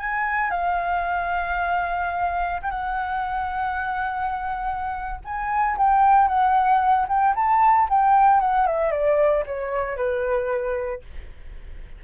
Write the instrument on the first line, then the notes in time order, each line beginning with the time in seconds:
flute
0.00 G#5
0.51 F5
2.62 G5
2.71 F#5
5.25 G#5
5.78 G5
6.28 F#5
7.09 G5
7.36 A5
7.90 G5
8.41 F#5
8.67 E5
8.92 D5
9.47 C#5
9.97 B4